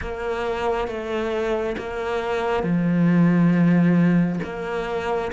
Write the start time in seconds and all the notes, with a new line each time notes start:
0.01 A#3
0.87 A3
1.77 A#3
2.63 F3
4.43 A#3